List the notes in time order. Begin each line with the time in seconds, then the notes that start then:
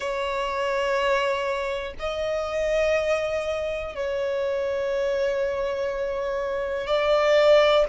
0.00 C#5
1.99 D#5
3.95 C#5
6.86 D5